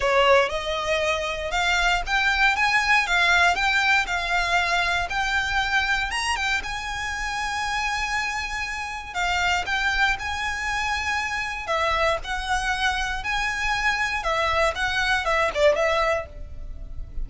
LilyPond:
\new Staff \with { instrumentName = "violin" } { \time 4/4 \tempo 4 = 118 cis''4 dis''2 f''4 | g''4 gis''4 f''4 g''4 | f''2 g''2 | ais''8 g''8 gis''2.~ |
gis''2 f''4 g''4 | gis''2. e''4 | fis''2 gis''2 | e''4 fis''4 e''8 d''8 e''4 | }